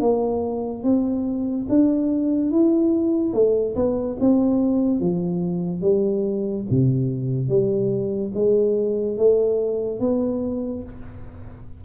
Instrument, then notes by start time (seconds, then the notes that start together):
tuba
0.00 A#3
0.83 C4
1.69 D4
2.51 E4
3.33 A3
3.75 B3
4.20 C4
5.00 F3
5.81 G3
6.70 C3
7.48 G3
8.34 G#3
9.17 A3
10.00 B3